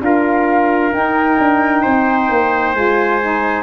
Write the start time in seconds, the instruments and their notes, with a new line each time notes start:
0.00 tuba D4, saxophone F4, trumpet A#4, flute F5
0.92 tuba D#4, saxophone D#4, flute G5
1.39 tuba D4
1.81 tuba C4, trumpet C5
2.29 tuba A#3
2.74 tuba G#3, saxophone F4, flute G#5
3.21 saxophone D#4